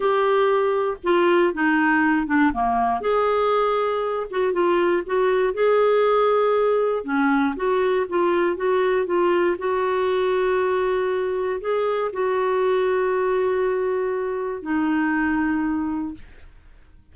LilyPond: \new Staff \with { instrumentName = "clarinet" } { \time 4/4 \tempo 4 = 119 g'2 f'4 dis'4~ | dis'8 d'8 ais4 gis'2~ | gis'8 fis'8 f'4 fis'4 gis'4~ | gis'2 cis'4 fis'4 |
f'4 fis'4 f'4 fis'4~ | fis'2. gis'4 | fis'1~ | fis'4 dis'2. | }